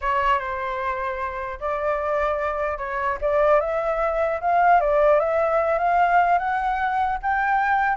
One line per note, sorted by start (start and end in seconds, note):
0.01 0.39 C#5
0.39 1.59 C5
1.60 2.78 D5
2.78 3.18 C#5
3.21 3.60 D5
3.60 4.40 E5
4.40 4.80 F5
4.80 5.19 D5
5.19 5.78 E5
5.78 6.38 F5
6.38 7.18 F#5
7.22 7.96 G5